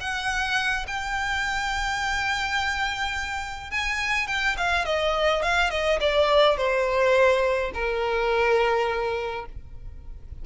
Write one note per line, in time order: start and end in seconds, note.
0.00 0.86 F#5
0.87 3.71 G5
3.71 4.27 G#5
4.27 4.56 G5
4.57 4.85 F5
4.85 5.42 D#5
5.42 5.70 F5
5.70 5.99 D#5
6.00 6.57 D5
6.57 7.71 C5
7.74 9.45 A#4